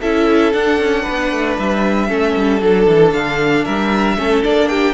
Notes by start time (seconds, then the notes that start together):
0.00 C#4 E4 A4 E5
0.53 D4 F#5
0.79 C#4
1.02 B3 B4
1.32 A3
1.58 G3 E5
2.08 A3 C#4 A4
2.36 G3
2.61 F#3 D4 A4
2.87 E3
3.13 D3 F5
3.65 G3 A#4 E5
4.17 A3 C#4 A4
4.43 A#3 D4 D5
4.68 G4 G5